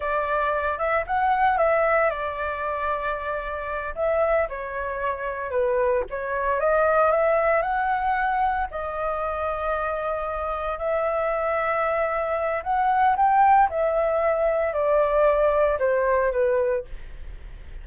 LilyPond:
\new Staff \with { instrumentName = "flute" } { \time 4/4 \tempo 4 = 114 d''4. e''8 fis''4 e''4 | d''2.~ d''8 e''8~ | e''8 cis''2 b'4 cis''8~ | cis''8 dis''4 e''4 fis''4.~ |
fis''8 dis''2.~ dis''8~ | dis''8 e''2.~ e''8 | fis''4 g''4 e''2 | d''2 c''4 b'4 | }